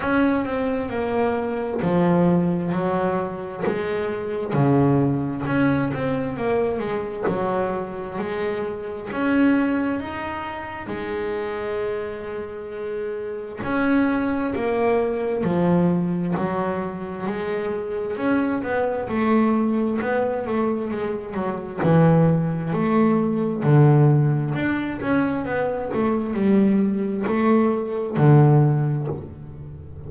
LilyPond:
\new Staff \with { instrumentName = "double bass" } { \time 4/4 \tempo 4 = 66 cis'8 c'8 ais4 f4 fis4 | gis4 cis4 cis'8 c'8 ais8 gis8 | fis4 gis4 cis'4 dis'4 | gis2. cis'4 |
ais4 f4 fis4 gis4 | cis'8 b8 a4 b8 a8 gis8 fis8 | e4 a4 d4 d'8 cis'8 | b8 a8 g4 a4 d4 | }